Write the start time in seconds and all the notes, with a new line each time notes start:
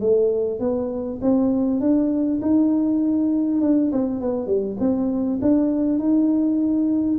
0.00 A3
0.59 B3
1.22 C4
1.80 D4
2.42 D#4
3.61 D4
3.92 C4
4.21 B3
4.46 G3
4.79 C4
5.42 D4
5.99 D#4